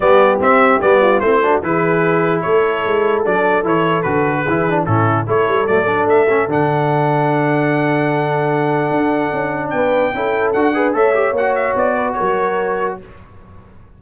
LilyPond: <<
  \new Staff \with { instrumentName = "trumpet" } { \time 4/4 \tempo 4 = 148 d''4 e''4 d''4 c''4 | b'2 cis''2 | d''4 cis''4 b'2 | a'4 cis''4 d''4 e''4 |
fis''1~ | fis''1 | g''2 fis''4 e''4 | fis''8 e''8 d''4 cis''2 | }
  \new Staff \with { instrumentName = "horn" } { \time 4/4 g'2~ g'8 f'8 e'8 fis'8 | gis'2 a'2~ | a'2. gis'4 | e'4 a'2.~ |
a'1~ | a'1 | b'4 a'4. b'8 cis''4~ | cis''4. b'8 ais'2 | }
  \new Staff \with { instrumentName = "trombone" } { \time 4/4 b4 c'4 b4 c'8 d'8 | e'1 | d'4 e'4 fis'4 e'8 d'8 | cis'4 e'4 a8 d'4 cis'8 |
d'1~ | d'1~ | d'4 e'4 fis'8 gis'8 a'8 g'8 | fis'1 | }
  \new Staff \with { instrumentName = "tuba" } { \time 4/4 g4 c'4 g4 a4 | e2 a4 gis4 | fis4 e4 d4 e4 | a,4 a8 g8 fis4 a4 |
d1~ | d2 d'4 cis'4 | b4 cis'4 d'4 a4 | ais4 b4 fis2 | }
>>